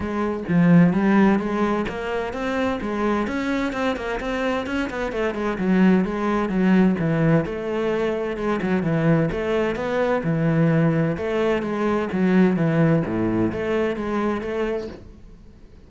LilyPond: \new Staff \with { instrumentName = "cello" } { \time 4/4 \tempo 4 = 129 gis4 f4 g4 gis4 | ais4 c'4 gis4 cis'4 | c'8 ais8 c'4 cis'8 b8 a8 gis8 | fis4 gis4 fis4 e4 |
a2 gis8 fis8 e4 | a4 b4 e2 | a4 gis4 fis4 e4 | a,4 a4 gis4 a4 | }